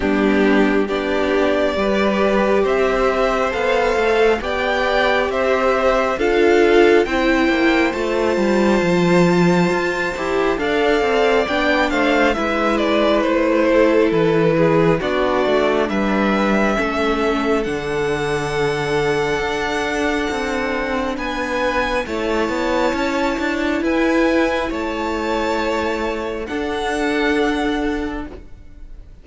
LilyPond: <<
  \new Staff \with { instrumentName = "violin" } { \time 4/4 \tempo 4 = 68 g'4 d''2 e''4 | f''4 g''4 e''4 f''4 | g''4 a''2. | f''4 g''8 f''8 e''8 d''8 c''4 |
b'4 d''4 e''2 | fis''1 | gis''4 a''2 gis''4 | a''2 fis''2 | }
  \new Staff \with { instrumentName = "violin" } { \time 4/4 d'4 g'4 b'4 c''4~ | c''4 d''4 c''4 a'4 | c''1 | d''4. c''8 b'4. a'8~ |
a'8 gis'8 fis'4 b'4 a'4~ | a'1 | b'4 cis''2 b'4 | cis''2 a'2 | }
  \new Staff \with { instrumentName = "viola" } { \time 4/4 b4 d'4 g'2 | a'4 g'2 f'4 | e'4 f'2~ f'8 g'8 | a'4 d'4 e'2~ |
e'4 d'2 cis'4 | d'1~ | d'4 e'2.~ | e'2 d'2 | }
  \new Staff \with { instrumentName = "cello" } { \time 4/4 g4 b4 g4 c'4 | b8 a8 b4 c'4 d'4 | c'8 ais8 a8 g8 f4 f'8 e'8 | d'8 c'8 b8 a8 gis4 a4 |
e4 b8 a8 g4 a4 | d2 d'4 c'4 | b4 a8 b8 cis'8 d'8 e'4 | a2 d'2 | }
>>